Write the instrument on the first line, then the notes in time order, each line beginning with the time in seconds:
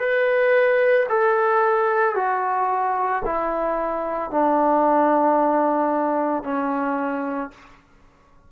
trombone
0.00 B4
1.10 A4
2.16 F#4
3.26 E4
4.31 D4
6.44 C#4